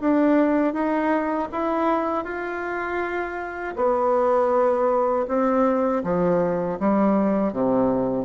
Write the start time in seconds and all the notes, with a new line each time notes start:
0.00 D4
0.73 D#4
1.52 E4
2.24 F4
3.76 B3
5.28 C4
6.03 F3
6.79 G3
7.52 C3